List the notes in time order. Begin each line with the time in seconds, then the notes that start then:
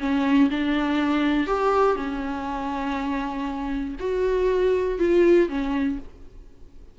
0.00 C#4
0.51 D4
1.47 G4
1.96 C#4
4.00 F#4
4.99 F4
5.49 C#4